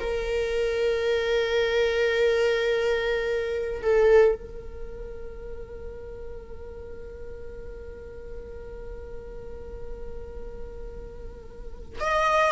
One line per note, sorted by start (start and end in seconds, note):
0.00 3.82 A#4
3.82 4.35 A4
4.35 11.99 A#4
12.00 12.52 D#5